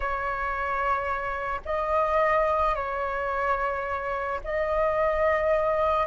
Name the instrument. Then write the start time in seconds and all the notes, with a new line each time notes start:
flute
0.00 C#5
1.65 D#5
2.75 C#5
4.43 D#5